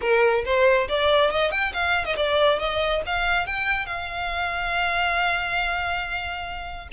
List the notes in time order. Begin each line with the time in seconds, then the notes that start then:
0.01 A#4
0.45 C5
0.88 D5
1.30 D#5
1.51 G5
1.73 F5
2.05 D#5
2.16 D5
2.59 D#5
3.06 F5
3.46 G5
3.86 F5